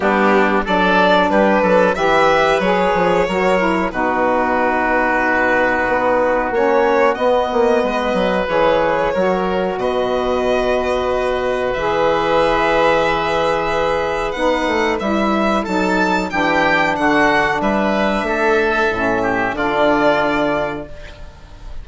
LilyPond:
<<
  \new Staff \with { instrumentName = "violin" } { \time 4/4 \tempo 4 = 92 g'4 d''4 b'4 e''4 | cis''2 b'2~ | b'2 cis''4 dis''4~ | dis''4 cis''2 dis''4~ |
dis''2 e''2~ | e''2 fis''4 e''4 | a''4 g''4 fis''4 e''4~ | e''2 d''2 | }
  \new Staff \with { instrumentName = "oboe" } { \time 4/4 d'4 a'4 g'8 a'8 b'4~ | b'4 ais'4 fis'2~ | fis'1 | b'2 ais'4 b'4~ |
b'1~ | b'1 | a'4 g'4 fis'4 b'4 | a'4. g'8 f'2 | }
  \new Staff \with { instrumentName = "saxophone" } { \time 4/4 b4 d'2 g'4 | gis'4 fis'8 e'8 dis'2~ | dis'2 cis'4 b4~ | b4 gis'4 fis'2~ |
fis'2 gis'2~ | gis'2 dis'4 e'4 | dis'4 d'2.~ | d'4 cis'4 d'2 | }
  \new Staff \with { instrumentName = "bassoon" } { \time 4/4 g4 fis4 g8 fis8 e4 | fis8 f8 fis4 b,2~ | b,4 b4 ais4 b8 ais8 | gis8 fis8 e4 fis4 b,4~ |
b,2 e2~ | e2 b8 a8 g4 | fis4 e4 d4 g4 | a4 a,4 d2 | }
>>